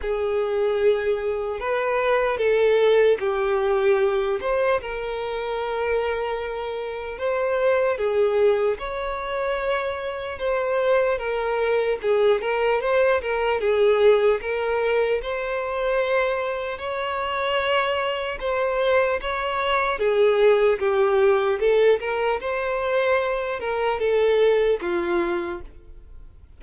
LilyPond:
\new Staff \with { instrumentName = "violin" } { \time 4/4 \tempo 4 = 75 gis'2 b'4 a'4 | g'4. c''8 ais'2~ | ais'4 c''4 gis'4 cis''4~ | cis''4 c''4 ais'4 gis'8 ais'8 |
c''8 ais'8 gis'4 ais'4 c''4~ | c''4 cis''2 c''4 | cis''4 gis'4 g'4 a'8 ais'8 | c''4. ais'8 a'4 f'4 | }